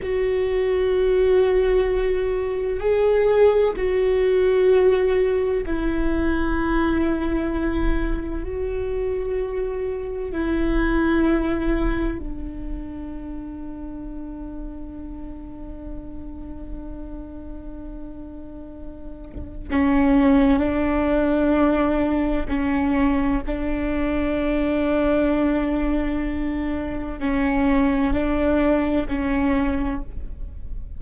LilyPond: \new Staff \with { instrumentName = "viola" } { \time 4/4 \tempo 4 = 64 fis'2. gis'4 | fis'2 e'2~ | e'4 fis'2 e'4~ | e'4 d'2.~ |
d'1~ | d'4 cis'4 d'2 | cis'4 d'2.~ | d'4 cis'4 d'4 cis'4 | }